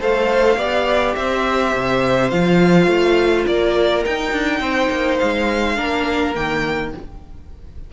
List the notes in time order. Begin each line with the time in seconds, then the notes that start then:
0.00 A3 A4 C5 F5
0.57 B3 G4 D5
1.16 C4 C5 E5
1.75 C3
2.30 F3 F4 F5
2.87 A3
3.47 A#3 A#4 D5
4.04 D#4 G5
4.32 D4
4.60 C4 C5
4.91 A#3
5.18 G#3 F5
5.76 A#3 D4 A#4
6.35 D#3 A#3 G5